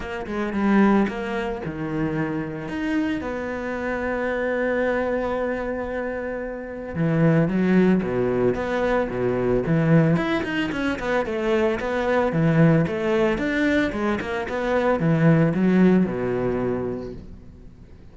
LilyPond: \new Staff \with { instrumentName = "cello" } { \time 4/4 \tempo 4 = 112 ais8 gis8 g4 ais4 dis4~ | dis4 dis'4 b2~ | b1~ | b4 e4 fis4 b,4 |
b4 b,4 e4 e'8 dis'8 | cis'8 b8 a4 b4 e4 | a4 d'4 gis8 ais8 b4 | e4 fis4 b,2 | }